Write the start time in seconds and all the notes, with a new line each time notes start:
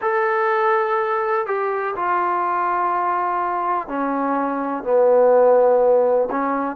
0.01 A4
1.46 G4
1.95 F4
3.88 C#4
4.83 B3
6.30 C#4